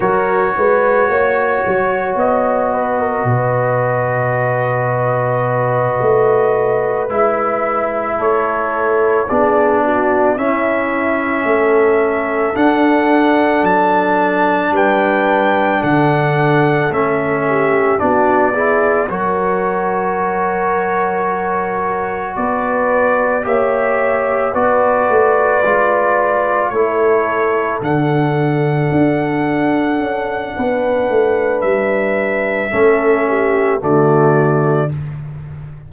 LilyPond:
<<
  \new Staff \with { instrumentName = "trumpet" } { \time 4/4 \tempo 4 = 55 cis''2 dis''2~ | dis''2~ dis''8 e''4 cis''8~ | cis''8 d''4 e''2 fis''8~ | fis''8 a''4 g''4 fis''4 e''8~ |
e''8 d''4 cis''2~ cis''8~ | cis''8 d''4 e''4 d''4.~ | d''8 cis''4 fis''2~ fis''8~ | fis''4 e''2 d''4 | }
  \new Staff \with { instrumentName = "horn" } { \time 4/4 ais'8 b'8 cis''4. b'16 ais'16 b'4~ | b'2.~ b'8 a'8~ | a'8 gis'8 fis'8 e'4 a'4.~ | a'4. b'4 a'4. |
g'8 fis'8 gis'8 ais'2~ ais'8~ | ais'8 b'4 cis''4 b'4.~ | b'8 a'2.~ a'8 | b'2 a'8 g'8 fis'4 | }
  \new Staff \with { instrumentName = "trombone" } { \time 4/4 fis'1~ | fis'2~ fis'8 e'4.~ | e'8 d'4 cis'2 d'8~ | d'2.~ d'8 cis'8~ |
cis'8 d'8 e'8 fis'2~ fis'8~ | fis'4. g'4 fis'4 f'8~ | f'8 e'4 d'2~ d'8~ | d'2 cis'4 a4 | }
  \new Staff \with { instrumentName = "tuba" } { \time 4/4 fis8 gis8 ais8 fis8 b4 b,4~ | b,4. a4 gis4 a8~ | a8 b4 cis'4 a4 d'8~ | d'8 fis4 g4 d4 a8~ |
a8 b4 fis2~ fis8~ | fis8 b4 ais4 b8 a8 gis8~ | gis8 a4 d4 d'4 cis'8 | b8 a8 g4 a4 d4 | }
>>